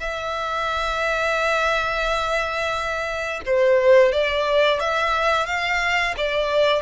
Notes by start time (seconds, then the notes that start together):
0.00 E5
3.46 C5
4.12 D5
4.80 E5
5.47 F5
6.17 D5